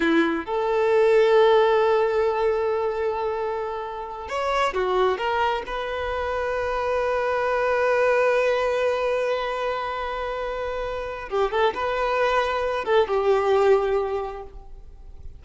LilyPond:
\new Staff \with { instrumentName = "violin" } { \time 4/4 \tempo 4 = 133 e'4 a'2.~ | a'1~ | a'4. cis''4 fis'4 ais'8~ | ais'8 b'2.~ b'8~ |
b'1~ | b'1~ | b'4 g'8 a'8 b'2~ | b'8 a'8 g'2. | }